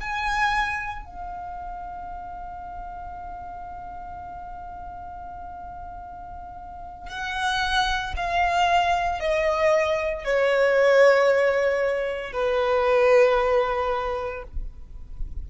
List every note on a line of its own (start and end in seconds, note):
0.00 1.05 G#5
1.05 7.09 F5
7.09 8.14 F#5
8.16 9.20 F5
9.20 10.24 D#5
10.24 12.32 C#5
12.32 14.43 B4